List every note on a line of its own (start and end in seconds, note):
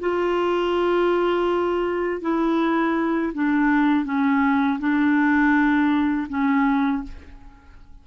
0.00 2.21 F4
2.21 3.32 E4
3.34 4.05 D4
4.05 4.79 C#4
4.79 6.27 D4
6.29 7.03 C#4